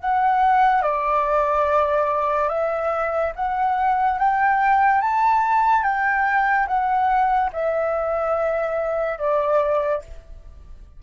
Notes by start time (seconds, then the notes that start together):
0.00 F#5
0.82 D5
2.49 E5
3.36 F#5
4.19 G5
5.01 A5
5.83 G5
6.67 F#5
7.53 E5
9.19 D5